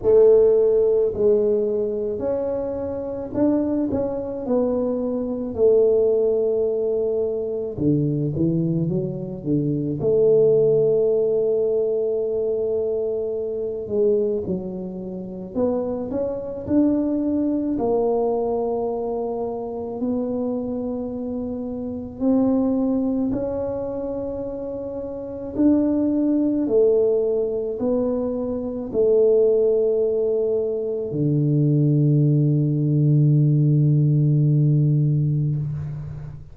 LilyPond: \new Staff \with { instrumentName = "tuba" } { \time 4/4 \tempo 4 = 54 a4 gis4 cis'4 d'8 cis'8 | b4 a2 d8 e8 | fis8 d8 a2.~ | a8 gis8 fis4 b8 cis'8 d'4 |
ais2 b2 | c'4 cis'2 d'4 | a4 b4 a2 | d1 | }